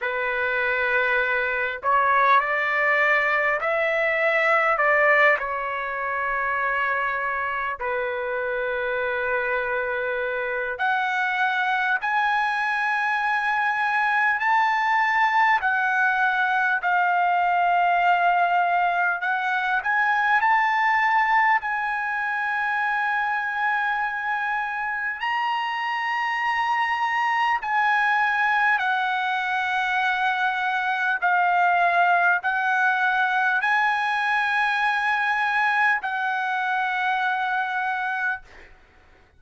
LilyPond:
\new Staff \with { instrumentName = "trumpet" } { \time 4/4 \tempo 4 = 50 b'4. cis''8 d''4 e''4 | d''8 cis''2 b'4.~ | b'4 fis''4 gis''2 | a''4 fis''4 f''2 |
fis''8 gis''8 a''4 gis''2~ | gis''4 ais''2 gis''4 | fis''2 f''4 fis''4 | gis''2 fis''2 | }